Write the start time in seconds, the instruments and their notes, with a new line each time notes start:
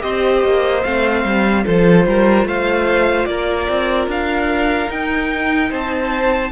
0.00 cello C4, viola G4, violin C5 D#5
0.44 cello A#3
0.82 cello A3, viola C4, violin F5
1.24 cello G3
1.63 cello F3, viola F4, violin A4 C5
2.06 cello G3, violin A#4
2.44 cello A3, violin C5 F5
3.25 cello A#3, violin A#4 D5
3.68 cello C4
4.07 cello D4, violin F5
4.87 viola D#4, cello D#4, violin G5
5.70 cello C4, violin C5 A5